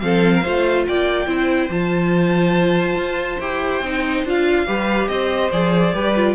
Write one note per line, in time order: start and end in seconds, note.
0.00 0.45 F3
0.00 0.44 C4
0.00 0.35 A4
0.00 0.85 F5
0.35 0.43 A#4
0.43 0.88 A3
0.43 1.27 F4
0.43 0.85 C5
0.88 1.27 A#3
0.88 1.28 D5
0.88 1.72 G5
1.27 1.69 C4
1.27 1.69 E4
1.27 4.66 C5
1.70 2.96 F3
1.70 3.41 F4
1.70 3.40 A5
2.96 3.39 F4
3.40 3.82 E4
3.40 3.83 G4
3.40 4.25 G5
3.82 4.24 C4
3.82 4.27 D#4
4.24 4.67 D4
4.24 4.67 F4
4.24 5.08 F5
4.67 5.09 G3
4.67 5.51 G4
4.67 5.09 B4
5.08 5.51 C4
5.08 5.94 C5
5.08 5.51 D#5
5.52 5.94 F3
5.52 5.94 G#4
5.52 6.35 D5
5.94 6.35 G3
5.94 6.15 G4
5.94 6.35 B4
6.16 6.35 F4